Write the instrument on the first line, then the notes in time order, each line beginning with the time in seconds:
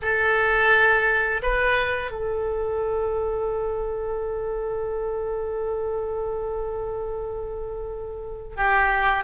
oboe
0.02 A4
1.42 B4
2.11 A4
8.56 G4